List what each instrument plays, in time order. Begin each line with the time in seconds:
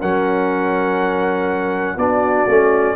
0.00 tuba F#3, trombone C#4, horn A#4, trumpet F#5
1.97 tuba B3, trombone D4, horn F#4, trumpet D5
2.47 tuba A3, trombone C#4